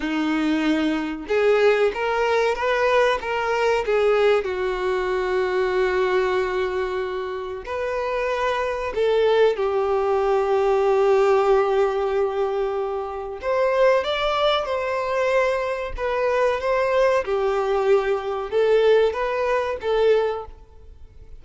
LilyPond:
\new Staff \with { instrumentName = "violin" } { \time 4/4 \tempo 4 = 94 dis'2 gis'4 ais'4 | b'4 ais'4 gis'4 fis'4~ | fis'1 | b'2 a'4 g'4~ |
g'1~ | g'4 c''4 d''4 c''4~ | c''4 b'4 c''4 g'4~ | g'4 a'4 b'4 a'4 | }